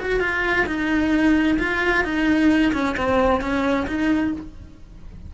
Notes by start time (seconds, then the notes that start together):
0.00 F#4
0.20 F4
0.67 D#4
1.59 F4
2.04 D#4
2.73 C#4
2.97 C4
3.41 C#4
3.87 D#4